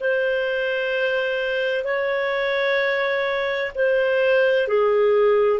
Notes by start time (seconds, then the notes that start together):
0.00 C5
1.84 C#5
3.75 C5
4.67 G#4